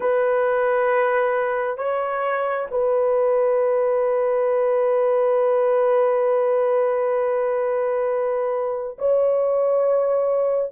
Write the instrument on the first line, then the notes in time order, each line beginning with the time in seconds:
horn
0.00 B4
1.77 C#5
2.71 B4
8.98 C#5